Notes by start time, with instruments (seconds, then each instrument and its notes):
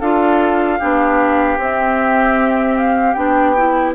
0.00 bassoon D4, clarinet F4, oboe A4, flute F5
0.79 bassoon B3, clarinet D4, oboe G4
1.58 bassoon C4, clarinet C4, flute E5
2.77 flute F5
3.14 bassoon B3, clarinet D4, flute G5
3.56 clarinet E4